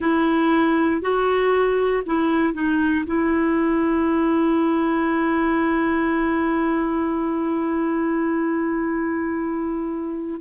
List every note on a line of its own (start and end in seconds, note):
0.00 1.01 E4
1.01 2.03 F#4
2.06 2.53 E4
2.53 3.04 D#4
3.06 10.40 E4